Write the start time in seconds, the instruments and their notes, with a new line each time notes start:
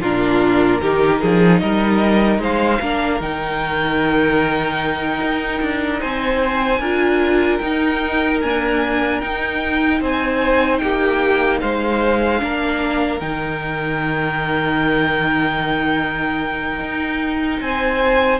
0.00 cello A#2, viola D4, violin F4 A#4
0.81 cello D#3, viola D#4, violin G4
1.21 cello F3, violin G#4
1.59 cello G3, violin A#4 D#5
2.39 cello G#3, violin C5 F5
2.81 cello A#3, viola D4, violin A#4
3.20 cello D#3, viola D#4, violin G5
5.21 cello D#4
5.62 cello D4
6.00 cello C4, violin C5 G#5
6.79 cello D4, viola F4, violin A#4
7.58 viola D#4, cello D#4, violin G5
8.41 viola A#3, cello D4, violin G#5
9.21 viola D#4, cello D#4, violin G5
10.01 cello C4, violin C5 G#5
10.78 cello A#3, violin G4 G5
11.61 cello G#3, violin C5 F5
12.39 cello A#3, viola D4, violin A#4
13.20 cello D#3, viola D#4, violin G5
16.80 cello D#4
17.60 cello C4, violin C5 G#5